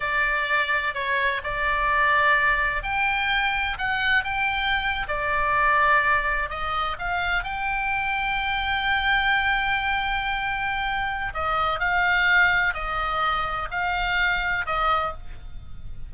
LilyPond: \new Staff \with { instrumentName = "oboe" } { \time 4/4 \tempo 4 = 127 d''2 cis''4 d''4~ | d''2 g''2 | fis''4 g''4.~ g''16 d''4~ d''16~ | d''4.~ d''16 dis''4 f''4 g''16~ |
g''1~ | g''1 | dis''4 f''2 dis''4~ | dis''4 f''2 dis''4 | }